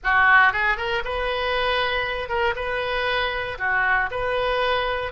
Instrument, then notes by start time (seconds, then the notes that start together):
oboe
0.03 F#4
0.52 G#4
0.77 A#4
1.04 B4
2.28 A#4
2.55 B4
3.58 F#4
4.10 B4